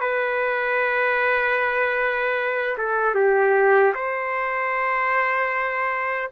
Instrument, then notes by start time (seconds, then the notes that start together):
trumpet
0.00 B4
2.77 A4
3.15 G4
3.94 C5